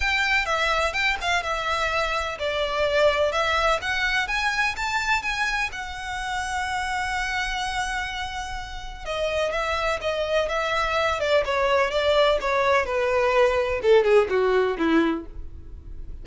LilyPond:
\new Staff \with { instrumentName = "violin" } { \time 4/4 \tempo 4 = 126 g''4 e''4 g''8 f''8 e''4~ | e''4 d''2 e''4 | fis''4 gis''4 a''4 gis''4 | fis''1~ |
fis''2. dis''4 | e''4 dis''4 e''4. d''8 | cis''4 d''4 cis''4 b'4~ | b'4 a'8 gis'8 fis'4 e'4 | }